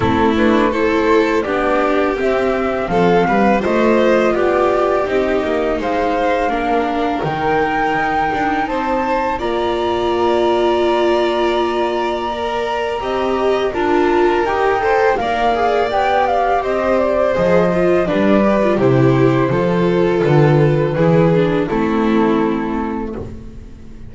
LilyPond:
<<
  \new Staff \with { instrumentName = "flute" } { \time 4/4 \tempo 4 = 83 a'8 b'8 c''4 d''4 e''4 | f''4 dis''4 d''4 dis''4 | f''2 g''2 | a''4 ais''2.~ |
ais''2. a''4 | g''4 f''4 g''8 f''8 dis''8 d''8 | dis''4 d''4 c''2 | b'2 a'2 | }
  \new Staff \with { instrumentName = "violin" } { \time 4/4 e'4 a'4 g'2 | a'8 b'8 c''4 g'2 | c''4 ais'2. | c''4 d''2.~ |
d''2 dis''4 ais'4~ | ais'8 c''8 d''2 c''4~ | c''4 b'4 g'4 a'4~ | a'4 gis'4 e'2 | }
  \new Staff \with { instrumentName = "viola" } { \time 4/4 c'8 d'8 e'4 d'4 c'4~ | c'4 f'2 dis'4~ | dis'4 d'4 dis'2~ | dis'4 f'2.~ |
f'4 ais'4 g'4 f'4 | g'8 a'8 ais'8 gis'8 g'2 | gis'8 f'8 d'8 g'16 f'16 e'4 f'4~ | f'4 e'8 d'8 c'2 | }
  \new Staff \with { instrumentName = "double bass" } { \time 4/4 a2 b4 c'4 | f8 g8 a4 b4 c'8 ais8 | gis4 ais4 dis4 dis'8 d'8 | c'4 ais2.~ |
ais2 c'4 d'4 | dis'4 ais4 b4 c'4 | f4 g4 c4 f4 | d4 e4 a2 | }
>>